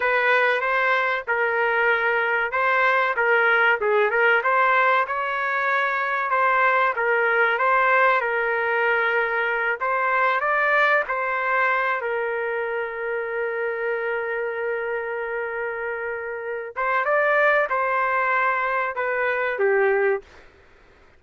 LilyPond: \new Staff \with { instrumentName = "trumpet" } { \time 4/4 \tempo 4 = 95 b'4 c''4 ais'2 | c''4 ais'4 gis'8 ais'8 c''4 | cis''2 c''4 ais'4 | c''4 ais'2~ ais'8 c''8~ |
c''8 d''4 c''4. ais'4~ | ais'1~ | ais'2~ ais'8 c''8 d''4 | c''2 b'4 g'4 | }